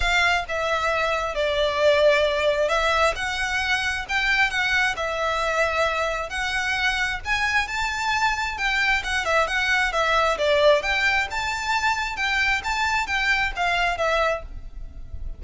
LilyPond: \new Staff \with { instrumentName = "violin" } { \time 4/4 \tempo 4 = 133 f''4 e''2 d''4~ | d''2 e''4 fis''4~ | fis''4 g''4 fis''4 e''4~ | e''2 fis''2 |
gis''4 a''2 g''4 | fis''8 e''8 fis''4 e''4 d''4 | g''4 a''2 g''4 | a''4 g''4 f''4 e''4 | }